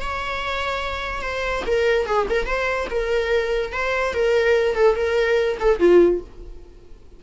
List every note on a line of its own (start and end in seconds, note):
0.00 1.21 C#5
1.21 1.63 C5
1.66 2.06 A#4
2.06 2.26 G#4
2.29 2.46 A#4
2.46 2.87 C5
2.89 3.72 A#4
3.72 4.13 C5
4.13 4.75 A#4
4.75 4.95 A4
4.95 5.57 A#4
5.59 5.79 A4
5.79 6.20 F4